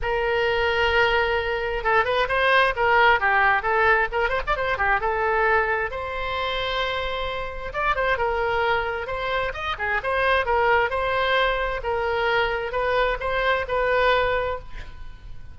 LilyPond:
\new Staff \with { instrumentName = "oboe" } { \time 4/4 \tempo 4 = 132 ais'1 | a'8 b'8 c''4 ais'4 g'4 | a'4 ais'8 c''16 d''16 c''8 g'8 a'4~ | a'4 c''2.~ |
c''4 d''8 c''8 ais'2 | c''4 dis''8 gis'8 c''4 ais'4 | c''2 ais'2 | b'4 c''4 b'2 | }